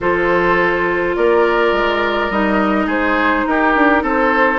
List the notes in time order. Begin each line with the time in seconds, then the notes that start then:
0.00 F3 F4 A4 C5
1.15 A#3 A#4 D5
1.72 G#3
2.30 G3 D#4 D#5
2.86 G#3 G#4 C5
3.47 D#4 G4 A#4
3.75 D4
4.02 C4 A4
4.08 C5